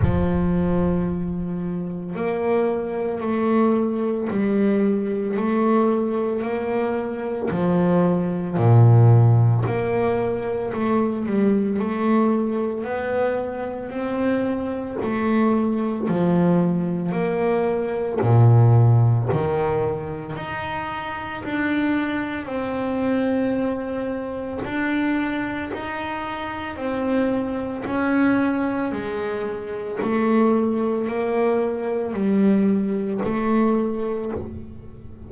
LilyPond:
\new Staff \with { instrumentName = "double bass" } { \time 4/4 \tempo 4 = 56 f2 ais4 a4 | g4 a4 ais4 f4 | ais,4 ais4 a8 g8 a4 | b4 c'4 a4 f4 |
ais4 ais,4 dis4 dis'4 | d'4 c'2 d'4 | dis'4 c'4 cis'4 gis4 | a4 ais4 g4 a4 | }